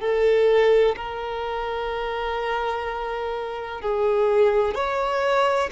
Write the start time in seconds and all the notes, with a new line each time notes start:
0.00 A4
0.96 A#4
3.81 G#4
4.74 C#5